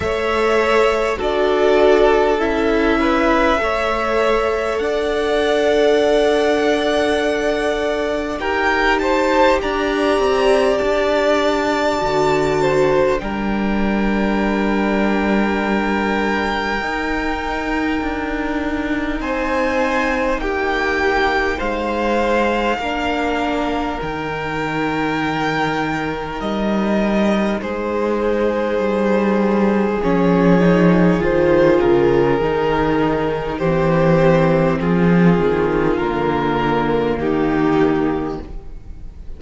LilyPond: <<
  \new Staff \with { instrumentName = "violin" } { \time 4/4 \tempo 4 = 50 e''4 d''4 e''2 | fis''2. g''8 a''8 | ais''4 a''2 g''4~ | g''1 |
gis''4 g''4 f''2 | g''2 dis''4 c''4~ | c''4 cis''4 c''8 ais'4. | c''4 gis'4 ais'4 g'4 | }
  \new Staff \with { instrumentName = "violin" } { \time 4/4 cis''4 a'4. b'8 cis''4 | d''2. ais'8 c''8 | d''2~ d''8 c''8 ais'4~ | ais'1 |
c''4 g'4 c''4 ais'4~ | ais'2. gis'4~ | gis'1 | g'4 f'2 dis'4 | }
  \new Staff \with { instrumentName = "viola" } { \time 4/4 a'4 fis'4 e'4 a'4~ | a'2. g'4~ | g'2 fis'4 d'4~ | d'2 dis'2~ |
dis'2. d'4 | dis'1~ | dis'4 cis'8 dis'8 f'4 dis'4 | c'2 ais2 | }
  \new Staff \with { instrumentName = "cello" } { \time 4/4 a4 d'4 cis'4 a4 | d'2. dis'4 | d'8 c'8 d'4 d4 g4~ | g2 dis'4 d'4 |
c'4 ais4 gis4 ais4 | dis2 g4 gis4 | g4 f4 dis8 cis8 dis4 | e4 f8 dis8 d4 dis4 | }
>>